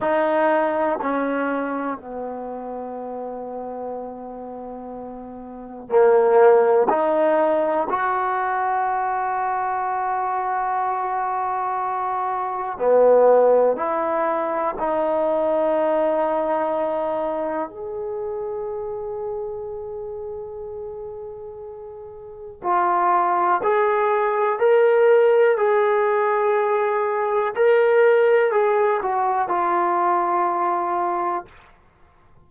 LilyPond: \new Staff \with { instrumentName = "trombone" } { \time 4/4 \tempo 4 = 61 dis'4 cis'4 b2~ | b2 ais4 dis'4 | fis'1~ | fis'4 b4 e'4 dis'4~ |
dis'2 gis'2~ | gis'2. f'4 | gis'4 ais'4 gis'2 | ais'4 gis'8 fis'8 f'2 | }